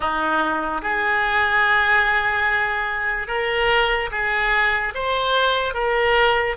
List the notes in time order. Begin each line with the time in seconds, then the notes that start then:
0.00 D#4
0.82 G#4
3.27 A#4
4.11 G#4
4.94 C5
5.73 A#4